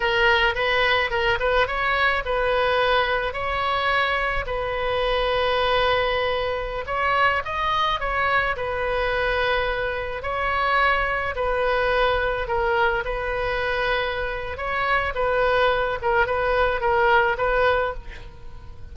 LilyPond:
\new Staff \with { instrumentName = "oboe" } { \time 4/4 \tempo 4 = 107 ais'4 b'4 ais'8 b'8 cis''4 | b'2 cis''2 | b'1~ | b'16 cis''4 dis''4 cis''4 b'8.~ |
b'2~ b'16 cis''4.~ cis''16~ | cis''16 b'2 ais'4 b'8.~ | b'2 cis''4 b'4~ | b'8 ais'8 b'4 ais'4 b'4 | }